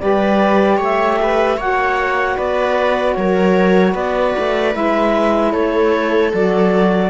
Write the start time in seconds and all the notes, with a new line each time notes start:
0.00 G3 G4 B4 D5
0.77 A3 C#5
0.84 E5
1.23 B4
1.57 A#3 F#4 C#5 F#5
2.37 B3 B4 D5
3.15 F#3 A#4 C#5
3.93 B3 B4 D5
4.39 A3
4.72 G#3 E4 E5
5.52 A3 A4 C#5
6.33 F#3 F#4 D5